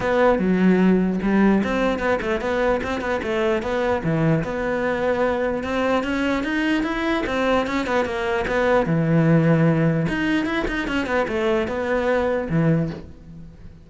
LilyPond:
\new Staff \with { instrumentName = "cello" } { \time 4/4 \tempo 4 = 149 b4 fis2 g4 | c'4 b8 a8 b4 c'8 b8 | a4 b4 e4 b4~ | b2 c'4 cis'4 |
dis'4 e'4 c'4 cis'8 b8 | ais4 b4 e2~ | e4 dis'4 e'8 dis'8 cis'8 b8 | a4 b2 e4 | }